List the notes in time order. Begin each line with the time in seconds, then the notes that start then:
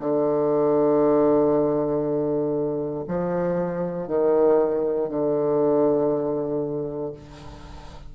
0.00 D3
3.08 F3
4.08 D#3
5.10 D3